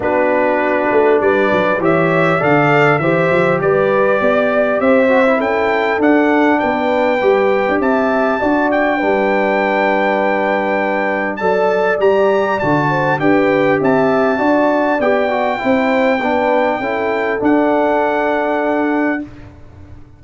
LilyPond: <<
  \new Staff \with { instrumentName = "trumpet" } { \time 4/4 \tempo 4 = 100 b'2 d''4 e''4 | f''4 e''4 d''2 | e''4 g''4 fis''4 g''4~ | g''4 a''4. g''4.~ |
g''2. a''4 | ais''4 a''4 g''4 a''4~ | a''4 g''2.~ | g''4 fis''2. | }
  \new Staff \with { instrumentName = "horn" } { \time 4/4 fis'2 b'4 cis''4 | d''4 c''4 b'4 d''4 | c''4 a'2 b'4~ | b'4 e''4 d''4 b'4~ |
b'2. d''4~ | d''4. c''8 b'4 e''4 | d''2 c''4 b'4 | a'1 | }
  \new Staff \with { instrumentName = "trombone" } { \time 4/4 d'2. g'4 | a'4 g'2.~ | g'8 fis'16 e'4~ e'16 d'2 | g'2 fis'4 d'4~ |
d'2. a'4 | g'4 fis'4 g'2 | fis'4 g'8 fis'8 e'4 d'4 | e'4 d'2. | }
  \new Staff \with { instrumentName = "tuba" } { \time 4/4 b4. a8 g8 fis8 e4 | d4 e8 f8 g4 b4 | c'4 cis'4 d'4 b4 | g8. d'16 c'4 d'4 g4~ |
g2. fis4 | g4 d4 d'4 c'4 | d'4 b4 c'4 b4 | cis'4 d'2. | }
>>